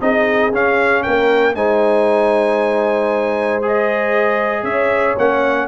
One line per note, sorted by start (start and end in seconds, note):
0.00 0.51 C4
0.00 0.52 D#4
0.00 1.04 G#4
0.00 0.53 D#5
0.51 1.03 C#4
0.51 1.55 C#4
0.51 1.02 F5
1.02 1.55 A#3
1.02 1.55 A#4
1.02 1.54 G5
1.55 4.63 G#3
1.55 3.62 D#4
1.55 4.63 C5
1.55 3.62 G#5
3.62 5.17 G#4
3.62 4.63 D#5
4.63 5.15 C#4
4.63 5.67 C#5
4.63 5.15 E5
5.17 5.67 A#3
5.17 5.67 C#4
5.17 5.67 F#5